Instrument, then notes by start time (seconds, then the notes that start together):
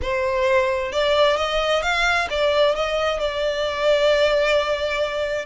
violin
0.02 C5
0.92 D5
1.36 D#5
1.82 F5
2.30 D5
2.75 D#5
3.19 D5